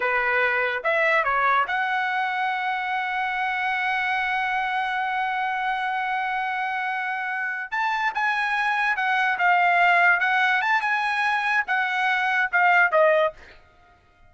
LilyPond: \new Staff \with { instrumentName = "trumpet" } { \time 4/4 \tempo 4 = 144 b'2 e''4 cis''4 | fis''1~ | fis''1~ | fis''1~ |
fis''2~ fis''8 a''4 gis''8~ | gis''4. fis''4 f''4.~ | f''8 fis''4 a''8 gis''2 | fis''2 f''4 dis''4 | }